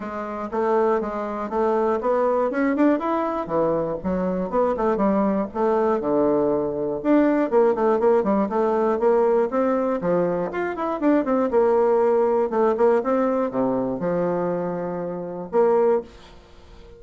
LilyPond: \new Staff \with { instrumentName = "bassoon" } { \time 4/4 \tempo 4 = 120 gis4 a4 gis4 a4 | b4 cis'8 d'8 e'4 e4 | fis4 b8 a8 g4 a4 | d2 d'4 ais8 a8 |
ais8 g8 a4 ais4 c'4 | f4 f'8 e'8 d'8 c'8 ais4~ | ais4 a8 ais8 c'4 c4 | f2. ais4 | }